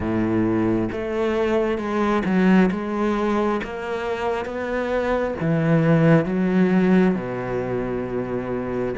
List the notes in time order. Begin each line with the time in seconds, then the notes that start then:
0.00 A2
0.92 A3
1.78 G#3
2.25 F#3
2.71 G#3
3.63 A#3
4.45 B3
5.40 E3
6.25 F#3
7.14 B2